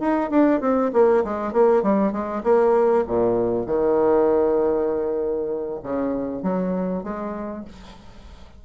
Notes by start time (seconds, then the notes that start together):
0.00 D#4
0.31 D4
0.61 C4
0.94 A#3
1.24 G#3
1.53 A#3
1.83 G3
2.13 G#3
2.44 A#3
3.08 A#2
3.67 D#3
5.83 C#3
6.43 F#3
7.04 G#3